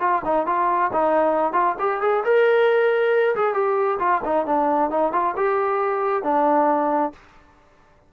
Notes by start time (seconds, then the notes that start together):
0.00 F4
0.25 D#4
0.46 F4
0.93 D#4
1.53 F4
1.79 G4
2.01 G#4
2.24 A#4
3.36 G#4
3.54 G4
3.99 F4
4.25 D#4
4.46 D4
4.90 D#4
5.13 F4
5.37 G4
6.23 D4